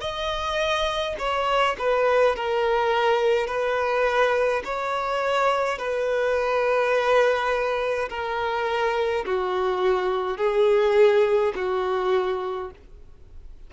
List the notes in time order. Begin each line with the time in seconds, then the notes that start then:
0.00 D#5
1.18 C#5
1.78 B4
2.35 A#4
3.47 B4
4.64 C#5
5.78 B4
8.09 A#4
9.25 F#4
10.37 G#4
11.55 F#4